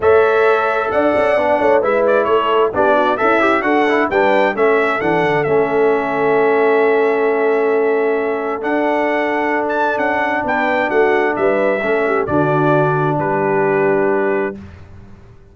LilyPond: <<
  \new Staff \with { instrumentName = "trumpet" } { \time 4/4 \tempo 4 = 132 e''2 fis''2 | e''8 d''8 cis''4 d''4 e''4 | fis''4 g''4 e''4 fis''4 | e''1~ |
e''2. fis''4~ | fis''4~ fis''16 a''8. fis''4 g''4 | fis''4 e''2 d''4~ | d''4 b'2. | }
  \new Staff \with { instrumentName = "horn" } { \time 4/4 cis''2 d''4. cis''8 | b'4 a'4 g'8 fis'8 e'4 | a'4 b'4 a'2~ | a'1~ |
a'1~ | a'2. b'4 | fis'4 b'4 a'8 g'8 fis'4~ | fis'4 g'2. | }
  \new Staff \with { instrumentName = "trombone" } { \time 4/4 a'2. d'4 | e'2 d'4 a'8 g'8 | fis'8 e'8 d'4 cis'4 d'4 | cis'1~ |
cis'2. d'4~ | d'1~ | d'2 cis'4 d'4~ | d'1 | }
  \new Staff \with { instrumentName = "tuba" } { \time 4/4 a2 d'8 cis'8 b8 a8 | gis4 a4 b4 cis'4 | d'4 g4 a4 e8 d8 | a1~ |
a2. d'4~ | d'2 cis'4 b4 | a4 g4 a4 d4~ | d4 g2. | }
>>